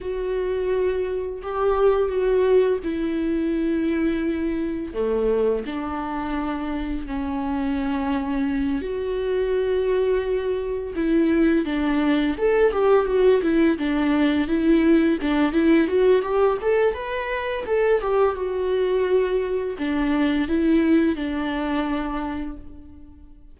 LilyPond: \new Staff \with { instrumentName = "viola" } { \time 4/4 \tempo 4 = 85 fis'2 g'4 fis'4 | e'2. a4 | d'2 cis'2~ | cis'8 fis'2. e'8~ |
e'8 d'4 a'8 g'8 fis'8 e'8 d'8~ | d'8 e'4 d'8 e'8 fis'8 g'8 a'8 | b'4 a'8 g'8 fis'2 | d'4 e'4 d'2 | }